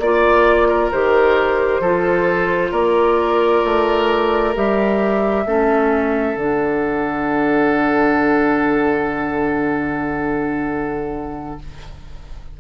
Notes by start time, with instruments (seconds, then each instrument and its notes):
0.00 bassoon A#3, clarinet F4, flute D5, oboe D5
0.68 oboe A#4
0.92 bassoon D#3, clarinet G4, flute C5
1.81 bassoon F3, clarinet F4, oboe A4
2.72 bassoon A#3, oboe A#4, flute D5
3.65 bassoon A3
4.55 bassoon G3, clarinet G4, flute E5
5.46 bassoon A3, clarinet C#4, oboe A4
6.36 bassoon D3, clarinet D4, flute F#5